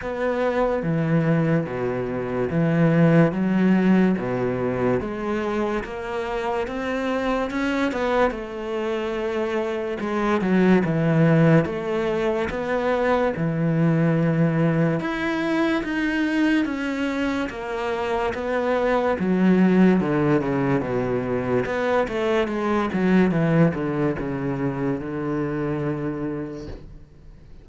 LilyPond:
\new Staff \with { instrumentName = "cello" } { \time 4/4 \tempo 4 = 72 b4 e4 b,4 e4 | fis4 b,4 gis4 ais4 | c'4 cis'8 b8 a2 | gis8 fis8 e4 a4 b4 |
e2 e'4 dis'4 | cis'4 ais4 b4 fis4 | d8 cis8 b,4 b8 a8 gis8 fis8 | e8 d8 cis4 d2 | }